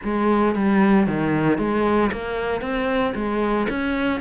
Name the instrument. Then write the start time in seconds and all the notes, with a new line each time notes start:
cello
0.03 G#3
0.55 G3
1.07 D#3
1.58 G#3
2.12 A#3
2.61 C4
3.14 G#3
3.69 C#4